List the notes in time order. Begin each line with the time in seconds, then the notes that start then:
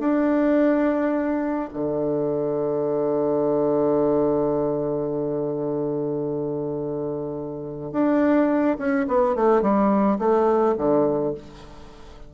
0.00 D4
1.74 D3
7.92 D4
8.78 C#4
9.08 B3
9.36 A3
9.62 G3
10.19 A3
10.78 D3